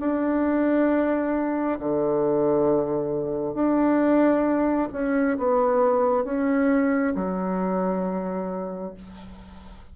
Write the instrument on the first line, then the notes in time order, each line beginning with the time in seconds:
bassoon
0.00 D4
1.79 D3
3.54 D4
4.93 C#4
5.38 B3
6.24 C#4
7.15 F#3